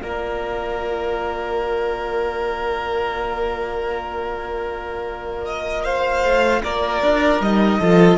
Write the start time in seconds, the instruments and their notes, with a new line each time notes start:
0.00 cello A#3, viola F4, violin A#4 D5
5.45 violin D#5
5.84 violin C5 F5
6.23 cello A3
6.62 cello A#3, violin A#4 D5
7.02 cello D4
7.40 cello G3, viola D#4, violin D#5
7.79 cello F3, viola F4, violin A4